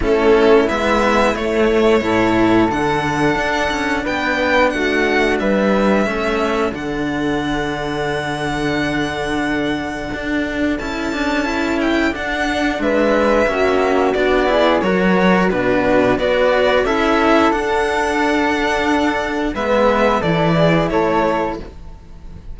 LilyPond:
<<
  \new Staff \with { instrumentName = "violin" } { \time 4/4 \tempo 4 = 89 a'4 e''4 cis''2 | fis''2 g''4 fis''4 | e''2 fis''2~ | fis''1 |
a''4. g''8 fis''4 e''4~ | e''4 d''4 cis''4 b'4 | d''4 e''4 fis''2~ | fis''4 e''4 d''4 cis''4 | }
  \new Staff \with { instrumentName = "flute" } { \time 4/4 e'2. a'4~ | a'2 b'4 fis'4 | b'4 a'2.~ | a'1~ |
a'2. b'4 | fis'4. gis'8 ais'4 fis'4 | b'4 a'2.~ | a'4 b'4 a'8 gis'8 a'4 | }
  \new Staff \with { instrumentName = "cello" } { \time 4/4 cis'4 b4 a4 e'4 | d'1~ | d'4 cis'4 d'2~ | d'1 |
e'8 d'8 e'4 d'2 | cis'4 d'8 e'8 fis'4 d'4 | fis'4 e'4 d'2~ | d'4 b4 e'2 | }
  \new Staff \with { instrumentName = "cello" } { \time 4/4 a4 gis4 a4 a,4 | d4 d'8 cis'8 b4 a4 | g4 a4 d2~ | d2. d'4 |
cis'2 d'4 gis4 | ais4 b4 fis4 b,4 | b4 cis'4 d'2~ | d'4 gis4 e4 a4 | }
>>